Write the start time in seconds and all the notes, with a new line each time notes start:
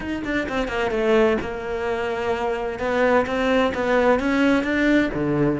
0.00 D#4
0.24 D4
0.49 C4
0.67 A#3
0.90 A3
1.41 A#3
2.79 B3
3.26 C4
3.74 B3
4.19 C#4
4.63 D4
5.14 D3